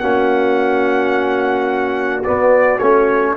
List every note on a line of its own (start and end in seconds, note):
0.00 2.25 A#3
0.00 2.24 C#4
0.00 3.35 F#4
0.00 2.22 F#5
2.24 2.80 B3
2.24 2.81 B3
2.24 2.79 D5
2.79 3.37 A3
2.79 3.37 C#4
2.79 3.35 C#5